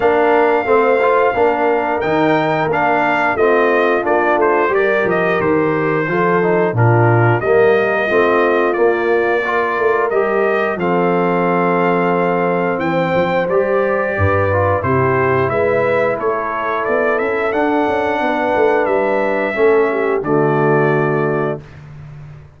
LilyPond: <<
  \new Staff \with { instrumentName = "trumpet" } { \time 4/4 \tempo 4 = 89 f''2. g''4 | f''4 dis''4 d''8 c''8 d''8 dis''8 | c''2 ais'4 dis''4~ | dis''4 d''2 dis''4 |
f''2. g''4 | d''2 c''4 e''4 | cis''4 d''8 e''8 fis''2 | e''2 d''2 | }
  \new Staff \with { instrumentName = "horn" } { \time 4/4 ais'4 c''4 ais'2~ | ais'4 f'2 ais'4~ | ais'4 a'4 f'4 ais'4 | f'2 ais'2 |
a'2. c''4~ | c''4 b'4 g'4 b'4 | a'2. b'4~ | b'4 a'8 g'8 fis'2 | }
  \new Staff \with { instrumentName = "trombone" } { \time 4/4 d'4 c'8 f'8 d'4 dis'4 | d'4 c'4 d'4 g'4~ | g'4 f'8 dis'8 d'4 ais4 | c'4 ais4 f'4 g'4 |
c'1 | g'4. f'8 e'2~ | e'2 d'2~ | d'4 cis'4 a2 | }
  \new Staff \with { instrumentName = "tuba" } { \time 4/4 ais4 a4 ais4 dis4 | ais4 a4 ais8 a8 g8 f8 | dis4 f4 ais,4 g4 | a4 ais4. a8 g4 |
f2. e8 f8 | g4 g,4 c4 gis4 | a4 b8 cis'8 d'8 cis'8 b8 a8 | g4 a4 d2 | }
>>